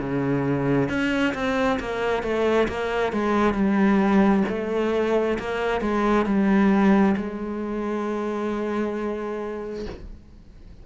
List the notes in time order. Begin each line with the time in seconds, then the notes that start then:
0.00 C#3
0.89 C#4
1.34 C4
1.80 A#3
2.23 A3
2.68 A#3
3.13 G#3
3.54 G3
4.49 A3
5.39 A#3
5.81 G#3
6.26 G3
7.17 G#3